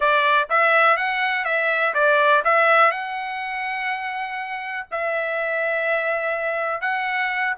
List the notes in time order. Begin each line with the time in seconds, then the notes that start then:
0.00 D5
0.49 E5
0.96 F#5
1.44 E5
1.94 D5
2.44 E5
2.91 F#5
4.91 E5
6.81 F#5